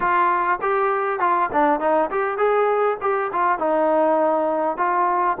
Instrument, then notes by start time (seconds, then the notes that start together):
trombone
0.00 F4
0.61 G4
1.19 F4
1.52 D4
1.80 D#4
2.10 G4
2.37 G#4
3.01 G4
3.32 F4
3.58 D#4
4.77 F4